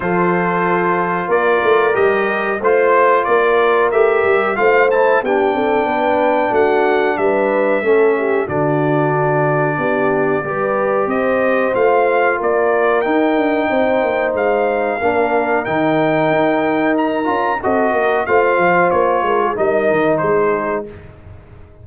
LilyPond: <<
  \new Staff \with { instrumentName = "trumpet" } { \time 4/4 \tempo 4 = 92 c''2 d''4 dis''4 | c''4 d''4 e''4 f''8 a''8 | g''2 fis''4 e''4~ | e''4 d''2.~ |
d''4 dis''4 f''4 d''4 | g''2 f''2 | g''2 ais''4 dis''4 | f''4 cis''4 dis''4 c''4 | }
  \new Staff \with { instrumentName = "horn" } { \time 4/4 a'2 ais'2 | c''4 ais'2 c''4 | g'8 a'8 b'4 fis'4 b'4 | a'8 g'8 fis'2 g'4 |
b'4 c''2 ais'4~ | ais'4 c''2 ais'4~ | ais'2. a'8 ais'8 | c''4. ais'16 gis'16 ais'4 gis'4 | }
  \new Staff \with { instrumentName = "trombone" } { \time 4/4 f'2. g'4 | f'2 g'4 f'8 e'8 | d'1 | cis'4 d'2. |
g'2 f'2 | dis'2. d'4 | dis'2~ dis'8 f'8 fis'4 | f'2 dis'2 | }
  \new Staff \with { instrumentName = "tuba" } { \time 4/4 f2 ais8 a8 g4 | a4 ais4 a8 g8 a4 | b8 c'8 b4 a4 g4 | a4 d2 b4 |
g4 c'4 a4 ais4 | dis'8 d'8 c'8 ais8 gis4 ais4 | dis4 dis'4. cis'8 c'8 ais8 | a8 f8 ais8 gis8 g8 dis8 gis4 | }
>>